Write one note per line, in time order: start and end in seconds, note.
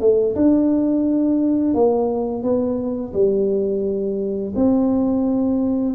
0.00 0.35 A3
0.35 1.74 D4
1.74 2.43 A#3
2.43 3.13 B3
3.13 4.53 G3
4.55 5.95 C4